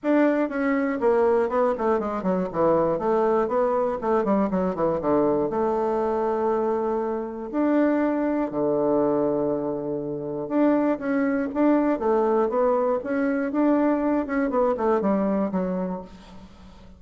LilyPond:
\new Staff \with { instrumentName = "bassoon" } { \time 4/4 \tempo 4 = 120 d'4 cis'4 ais4 b8 a8 | gis8 fis8 e4 a4 b4 | a8 g8 fis8 e8 d4 a4~ | a2. d'4~ |
d'4 d2.~ | d4 d'4 cis'4 d'4 | a4 b4 cis'4 d'4~ | d'8 cis'8 b8 a8 g4 fis4 | }